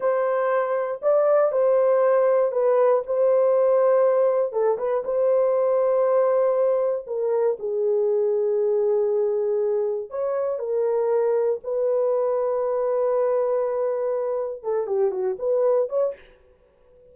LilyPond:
\new Staff \with { instrumentName = "horn" } { \time 4/4 \tempo 4 = 119 c''2 d''4 c''4~ | c''4 b'4 c''2~ | c''4 a'8 b'8 c''2~ | c''2 ais'4 gis'4~ |
gis'1 | cis''4 ais'2 b'4~ | b'1~ | b'4 a'8 g'8 fis'8 b'4 cis''8 | }